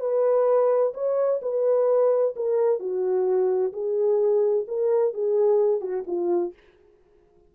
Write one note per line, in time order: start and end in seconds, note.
0.00 0.93 B4
0.94 1.41 C#5
1.42 2.35 B4
2.36 2.79 A#4
2.79 3.73 F#4
3.73 4.66 G#4
4.68 5.14 A#4
5.14 5.81 G#4
5.81 6.04 F#4
6.07 6.53 F4